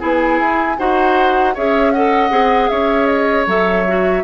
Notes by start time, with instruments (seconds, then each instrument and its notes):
0.00 bassoon B3, clarinet E4, oboe G#4, flute G#5
0.39 bassoon E4
0.78 bassoon D#4, clarinet F#4, oboe C5, flute F#5
1.54 bassoon C#4, clarinet G#4, oboe C#5, flute E5
1.92 clarinet A4, oboe D#5, flute F#5
2.30 bassoon C4, clarinet G#4
2.69 bassoon C#4, oboe C#5, flute E5
3.07 flute D#5
3.47 bassoon F#3, clarinet A4, flute E5
3.88 clarinet F#4